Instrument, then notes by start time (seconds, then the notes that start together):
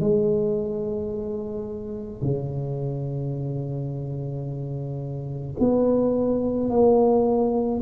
tuba
0.00 G#3
2.22 C#3
5.59 B3
6.70 A#3